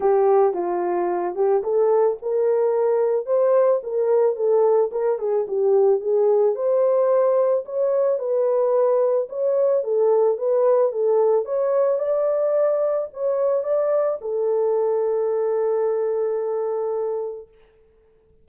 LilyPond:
\new Staff \with { instrumentName = "horn" } { \time 4/4 \tempo 4 = 110 g'4 f'4. g'8 a'4 | ais'2 c''4 ais'4 | a'4 ais'8 gis'8 g'4 gis'4 | c''2 cis''4 b'4~ |
b'4 cis''4 a'4 b'4 | a'4 cis''4 d''2 | cis''4 d''4 a'2~ | a'1 | }